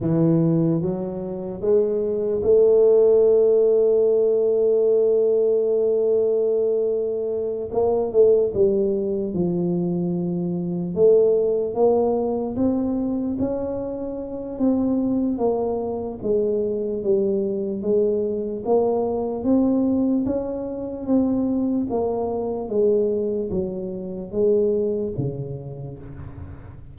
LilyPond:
\new Staff \with { instrumentName = "tuba" } { \time 4/4 \tempo 4 = 74 e4 fis4 gis4 a4~ | a1~ | a4. ais8 a8 g4 f8~ | f4. a4 ais4 c'8~ |
c'8 cis'4. c'4 ais4 | gis4 g4 gis4 ais4 | c'4 cis'4 c'4 ais4 | gis4 fis4 gis4 cis4 | }